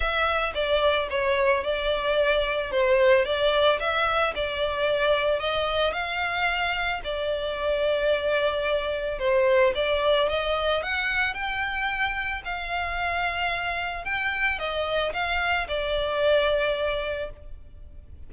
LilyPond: \new Staff \with { instrumentName = "violin" } { \time 4/4 \tempo 4 = 111 e''4 d''4 cis''4 d''4~ | d''4 c''4 d''4 e''4 | d''2 dis''4 f''4~ | f''4 d''2.~ |
d''4 c''4 d''4 dis''4 | fis''4 g''2 f''4~ | f''2 g''4 dis''4 | f''4 d''2. | }